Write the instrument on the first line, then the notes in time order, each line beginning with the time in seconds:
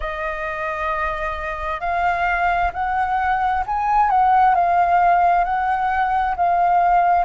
flute
0.00 D#5
1.80 F5
2.73 F#5
3.66 G#5
4.10 F#5
4.55 F5
5.44 F#5
6.36 F5